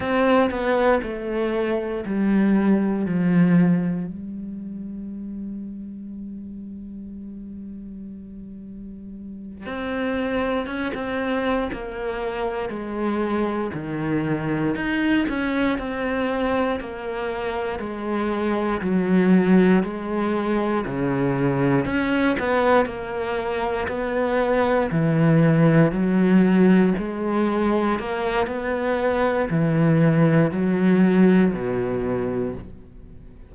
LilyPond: \new Staff \with { instrumentName = "cello" } { \time 4/4 \tempo 4 = 59 c'8 b8 a4 g4 f4 | g1~ | g4. c'4 cis'16 c'8. ais8~ | ais8 gis4 dis4 dis'8 cis'8 c'8~ |
c'8 ais4 gis4 fis4 gis8~ | gis8 cis4 cis'8 b8 ais4 b8~ | b8 e4 fis4 gis4 ais8 | b4 e4 fis4 b,4 | }